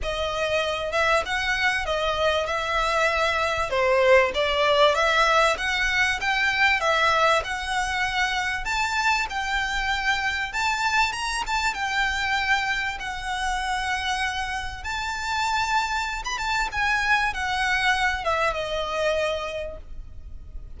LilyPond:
\new Staff \with { instrumentName = "violin" } { \time 4/4 \tempo 4 = 97 dis''4. e''8 fis''4 dis''4 | e''2 c''4 d''4 | e''4 fis''4 g''4 e''4 | fis''2 a''4 g''4~ |
g''4 a''4 ais''8 a''8 g''4~ | g''4 fis''2. | a''2~ a''16 b''16 a''8 gis''4 | fis''4. e''8 dis''2 | }